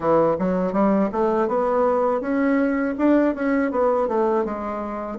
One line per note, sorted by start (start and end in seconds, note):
0.00 0.36 E3
0.38 0.72 F#3
0.72 1.09 G3
1.12 1.48 A3
1.48 2.20 B3
2.20 2.95 C#4
2.98 3.34 D4
3.34 3.71 C#4
3.71 4.08 B3
4.08 4.44 A3
4.44 5.19 G#3